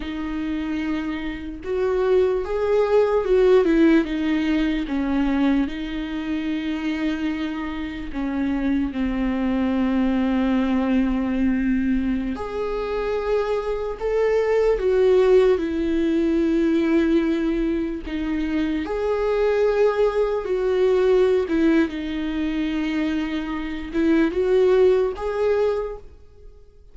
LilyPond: \new Staff \with { instrumentName = "viola" } { \time 4/4 \tempo 4 = 74 dis'2 fis'4 gis'4 | fis'8 e'8 dis'4 cis'4 dis'4~ | dis'2 cis'4 c'4~ | c'2.~ c'16 gis'8.~ |
gis'4~ gis'16 a'4 fis'4 e'8.~ | e'2~ e'16 dis'4 gis'8.~ | gis'4~ gis'16 fis'4~ fis'16 e'8 dis'4~ | dis'4. e'8 fis'4 gis'4 | }